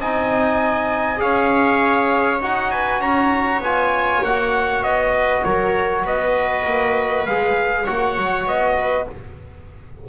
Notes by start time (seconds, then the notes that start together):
0.00 C4 D#4 D#5 G#5
1.17 C#4 G#4 C#5 F5
2.41 D#4 F#4 F#5
2.71 B4 G#5
3.00 C#4 C#5 A#5
3.59 B3 F4 G#5
4.24 A#3 F#4 F#5
4.83 B3 D#5
5.13 B4
5.45 F#3 A#4 C#5
6.05 B3 B4 D#5
6.66 A#3
7.27 G#3 G#4 F5
7.85 A#3 F#4 C#5 F#5
8.18 F#3
8.47 B3 D#5
8.77 B4